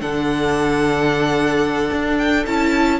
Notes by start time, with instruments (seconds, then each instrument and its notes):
0.00 cello D3, viola D4, violin A4 F#5
1.91 cello D4
2.18 violin G5
2.46 cello C#4, viola E4, violin A5